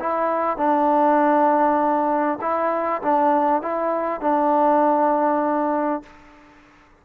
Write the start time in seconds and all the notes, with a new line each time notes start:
0.00 E4
0.57 D4
2.41 E4
3.02 D4
3.63 E4
4.21 D4